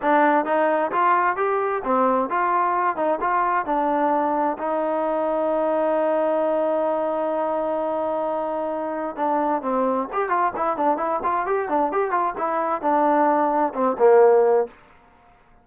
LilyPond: \new Staff \with { instrumentName = "trombone" } { \time 4/4 \tempo 4 = 131 d'4 dis'4 f'4 g'4 | c'4 f'4. dis'8 f'4 | d'2 dis'2~ | dis'1~ |
dis'1 | d'4 c'4 g'8 f'8 e'8 d'8 | e'8 f'8 g'8 d'8 g'8 f'8 e'4 | d'2 c'8 ais4. | }